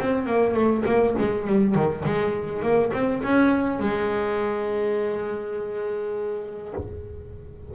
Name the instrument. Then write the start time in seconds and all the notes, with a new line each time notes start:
double bass
0.00 C4
0.26 A#3
0.54 A3
0.86 A#3
1.18 G#3
1.47 G3
1.75 D#3
2.05 G#3
2.62 A#3
2.93 C4
3.23 C#4
3.79 G#3